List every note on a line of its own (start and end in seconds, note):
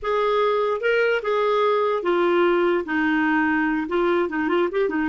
0.02 0.81 G#4
0.81 1.21 A#4
1.22 2.02 G#4
2.02 2.84 F4
2.85 3.87 D#4
3.88 4.29 F4
4.29 4.48 D#4
4.48 4.68 F4
4.71 4.89 G4
4.89 5.09 D#4